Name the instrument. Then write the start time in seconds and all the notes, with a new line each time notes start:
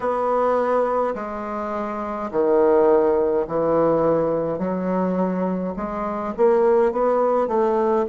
bassoon
0.00 B3
1.14 G#3
2.31 D#3
3.47 E3
4.58 F#3
5.76 G#3
6.36 A#3
6.92 B3
7.47 A3